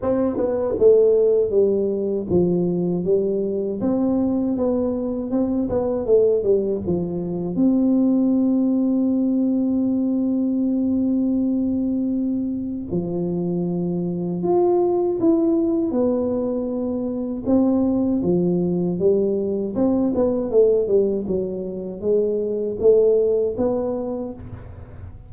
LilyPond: \new Staff \with { instrumentName = "tuba" } { \time 4/4 \tempo 4 = 79 c'8 b8 a4 g4 f4 | g4 c'4 b4 c'8 b8 | a8 g8 f4 c'2~ | c'1~ |
c'4 f2 f'4 | e'4 b2 c'4 | f4 g4 c'8 b8 a8 g8 | fis4 gis4 a4 b4 | }